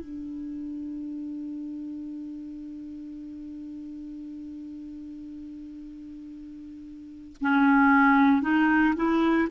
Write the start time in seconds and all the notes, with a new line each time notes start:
0.00 D4
7.41 C#4
8.42 D#4
8.96 E4